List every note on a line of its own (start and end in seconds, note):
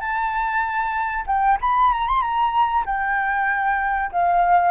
0.00 1.25 A5
1.26 1.58 G5
1.61 1.92 B5
1.92 2.08 A#5
2.08 2.22 C6
2.22 2.84 A#5
2.86 4.11 G5
4.12 4.71 F5